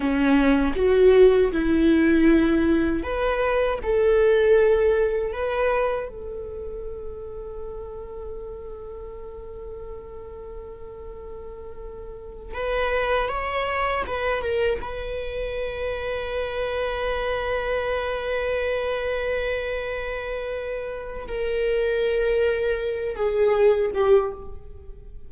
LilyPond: \new Staff \with { instrumentName = "viola" } { \time 4/4 \tempo 4 = 79 cis'4 fis'4 e'2 | b'4 a'2 b'4 | a'1~ | a'1~ |
a'8 b'4 cis''4 b'8 ais'8 b'8~ | b'1~ | b'1 | ais'2~ ais'8 gis'4 g'8 | }